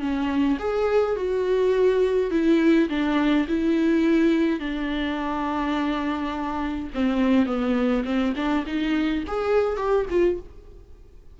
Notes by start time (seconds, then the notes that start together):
0.00 C#4
0.59 G#4
1.16 F#4
2.31 E4
2.89 D4
3.48 E4
4.60 D4
6.94 C4
7.46 B3
8.05 C4
8.36 D4
8.66 D#4
9.27 G#4
9.77 G4
10.10 F4